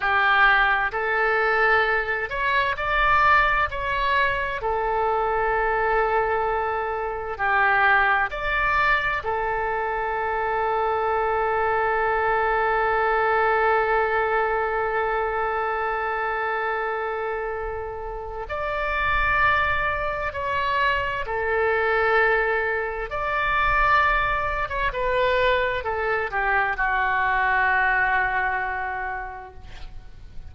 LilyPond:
\new Staff \with { instrumentName = "oboe" } { \time 4/4 \tempo 4 = 65 g'4 a'4. cis''8 d''4 | cis''4 a'2. | g'4 d''4 a'2~ | a'1~ |
a'1 | d''2 cis''4 a'4~ | a'4 d''4.~ d''16 cis''16 b'4 | a'8 g'8 fis'2. | }